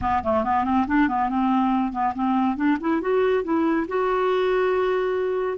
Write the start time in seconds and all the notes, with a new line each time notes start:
0.01 B3
0.23 A3
0.43 B3
0.64 C4
0.87 D4
1.08 B3
1.29 C4
1.92 B3
2.14 C4
2.56 D4
2.80 E4
3.01 F#4
3.43 E4
3.88 F#4